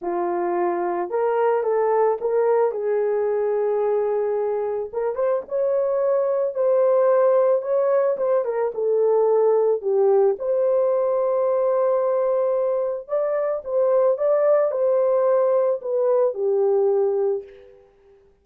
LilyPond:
\new Staff \with { instrumentName = "horn" } { \time 4/4 \tempo 4 = 110 f'2 ais'4 a'4 | ais'4 gis'2.~ | gis'4 ais'8 c''8 cis''2 | c''2 cis''4 c''8 ais'8 |
a'2 g'4 c''4~ | c''1 | d''4 c''4 d''4 c''4~ | c''4 b'4 g'2 | }